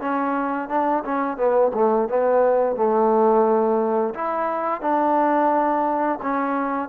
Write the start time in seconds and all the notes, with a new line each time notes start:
0.00 C#4
0.69 D4
1.04 C#4
1.37 B3
1.74 A3
2.09 B3
2.76 A3
4.14 E4
4.81 D4
6.22 C#4